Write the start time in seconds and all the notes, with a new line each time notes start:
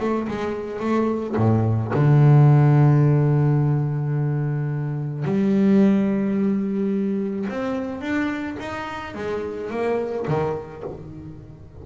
0.00 A3
0.28 G#3
0.80 A3
1.36 A2
1.94 D3
5.24 G3
7.49 C4
8.01 D4
8.59 D#4
9.15 G#3
9.70 A#3
10.28 D#3